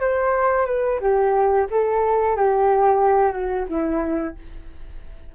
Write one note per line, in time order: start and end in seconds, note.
0.00 0.66 C5
0.66 0.99 B4
1.00 1.67 G4
1.71 2.36 A4
2.36 3.32 G4
3.32 3.65 F#4
3.68 4.35 E4